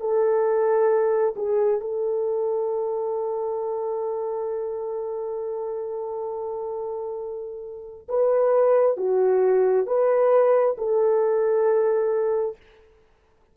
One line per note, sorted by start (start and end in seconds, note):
0.00 1.34 A4
1.36 1.80 G#4
1.80 8.07 A4
8.08 8.97 B4
8.97 9.86 F#4
9.86 10.76 B4
10.77 12.57 A4